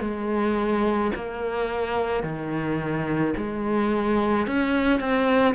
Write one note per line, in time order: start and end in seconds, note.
0.00 1.11 G#3
1.15 2.23 A#3
2.23 3.34 D#3
3.37 4.47 G#3
4.47 5.00 C#4
5.00 5.55 C4